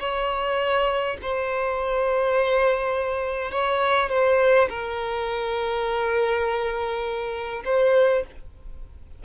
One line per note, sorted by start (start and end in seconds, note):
0.00 1.18 C#5
1.22 3.51 C5
3.51 4.10 C#5
4.10 4.68 C5
4.70 7.64 A#4
7.65 8.24 C5